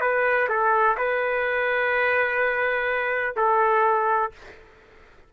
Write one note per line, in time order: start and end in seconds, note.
0.00 0.48 B4
0.49 0.97 A4
0.97 3.35 B4
3.36 4.31 A4